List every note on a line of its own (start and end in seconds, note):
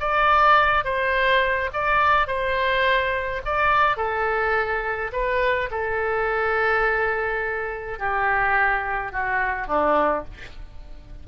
0.00 0.84 D5
0.84 1.70 C5
1.73 2.27 D5
2.27 3.42 C5
3.45 3.97 D5
3.97 5.11 A4
5.12 5.70 B4
5.71 7.99 A4
7.99 9.12 G4
9.12 9.67 F#4
9.67 10.24 D4